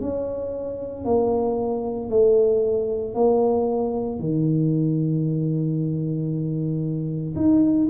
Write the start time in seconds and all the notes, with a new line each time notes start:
0.00 C#4
1.05 A#3
2.10 A3
3.14 A#3
4.20 D#3
7.36 D#4